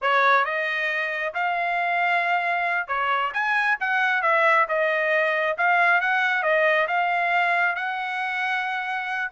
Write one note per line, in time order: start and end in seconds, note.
0.01 0.44 C#5
0.44 1.33 D#5
1.34 2.87 F5
2.87 3.32 C#5
3.33 3.78 G#5
3.80 4.22 F#5
4.22 4.66 E5
4.68 5.57 D#5
5.57 6.01 F5
6.01 6.42 F#5
6.42 6.87 D#5
6.87 7.75 F5
7.75 9.31 F#5